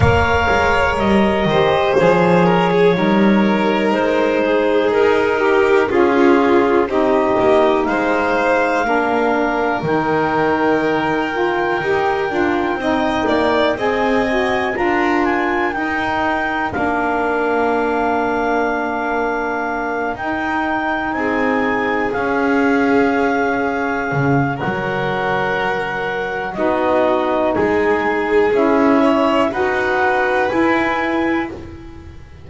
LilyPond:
<<
  \new Staff \with { instrumentName = "clarinet" } { \time 4/4 \tempo 4 = 61 f''4 dis''4 cis''2 | c''4 ais'4 gis'4 dis''4 | f''2 g''2~ | g''2 gis''4 ais''8 gis''8 |
g''4 f''2.~ | f''8 g''4 gis''4 f''4.~ | f''4 fis''2 dis''4 | gis''4 e''4 fis''4 gis''4 | }
  \new Staff \with { instrumentName = "violin" } { \time 4/4 cis''4. c''4 ais'16 gis'16 ais'4~ | ais'8 gis'4 g'8 f'4 g'4 | c''4 ais'2.~ | ais'4 dis''8 d''8 dis''4 ais'4~ |
ais'1~ | ais'4. gis'2~ gis'8~ | gis'4 ais'2 fis'4 | gis'4. cis''8 b'2 | }
  \new Staff \with { instrumentName = "saxophone" } { \time 4/4 ais'4. g'8 gis'4 dis'4~ | dis'2 f'4 dis'4~ | dis'4 d'4 dis'4. f'8 | g'8 f'8 dis'4 gis'8 fis'8 f'4 |
dis'4 d'2.~ | d'8 dis'2 cis'4.~ | cis'2. dis'4~ | dis'4 e'4 fis'4 e'4 | }
  \new Staff \with { instrumentName = "double bass" } { \time 4/4 ais8 gis8 g8 dis8 f4 g4 | gis4 dis'4 cis'4 c'8 ais8 | gis4 ais4 dis2 | dis'8 d'8 c'8 ais8 c'4 d'4 |
dis'4 ais2.~ | ais8 dis'4 c'4 cis'4.~ | cis'8 cis8 fis2 b4 | gis4 cis'4 dis'4 e'4 | }
>>